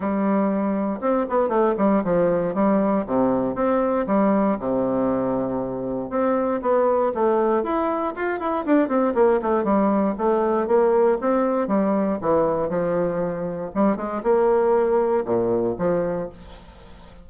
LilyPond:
\new Staff \with { instrumentName = "bassoon" } { \time 4/4 \tempo 4 = 118 g2 c'8 b8 a8 g8 | f4 g4 c4 c'4 | g4 c2. | c'4 b4 a4 e'4 |
f'8 e'8 d'8 c'8 ais8 a8 g4 | a4 ais4 c'4 g4 | e4 f2 g8 gis8 | ais2 ais,4 f4 | }